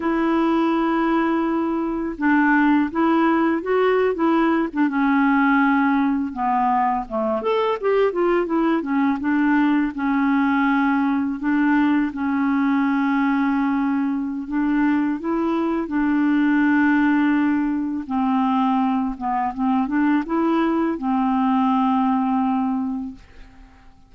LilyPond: \new Staff \with { instrumentName = "clarinet" } { \time 4/4 \tempo 4 = 83 e'2. d'4 | e'4 fis'8. e'8. d'16 cis'4~ cis'16~ | cis'8. b4 a8 a'8 g'8 f'8 e'16~ | e'16 cis'8 d'4 cis'2 d'16~ |
d'8. cis'2.~ cis'16 | d'4 e'4 d'2~ | d'4 c'4. b8 c'8 d'8 | e'4 c'2. | }